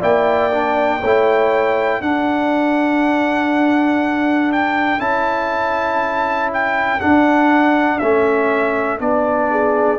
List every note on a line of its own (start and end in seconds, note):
0.00 1.02 A#3
0.00 0.51 E4
0.00 1.00 D5
0.00 2.02 G5
0.51 1.01 D4
1.00 2.01 A3
1.00 2.02 E4
1.00 2.00 C#5
2.00 5.00 D4
2.00 9.50 A4
2.00 4.52 F#5
4.52 5.00 G5
5.00 7.00 C#4
5.00 7.00 E4
5.00 6.50 A5
6.53 7.00 G5
7.00 8.01 D4
7.00 7.99 F#5
7.99 9.00 A3
7.99 8.99 C#4
7.99 8.99 E5
8.99 9.99 B3
8.99 9.99 D4
8.99 9.99 D5
9.50 9.99 G#4